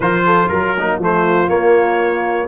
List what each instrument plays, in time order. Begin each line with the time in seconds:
0.00 tuba F3, trombone F4, horn A#4, trumpet C5
0.25 horn A4
0.48 tuba F#3, trumpet A#4, horn A#4
0.77 horn A#3, trombone D#4
0.98 tuba F3, trombone A3, horn F4, trumpet C5
1.48 trombone A#3, tuba A#3, trumpet C#5